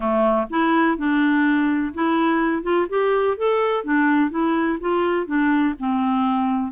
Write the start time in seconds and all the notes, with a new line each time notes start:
0.00 A3
0.50 E4
0.97 D4
1.93 E4
2.62 F4
2.89 G4
3.37 A4
3.84 D4
4.30 E4
4.80 F4
5.26 D4
5.79 C4